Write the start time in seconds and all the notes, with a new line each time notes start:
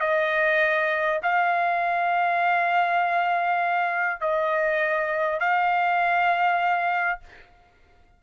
0.00 D#5
1.23 F5
4.21 D#5
5.40 F5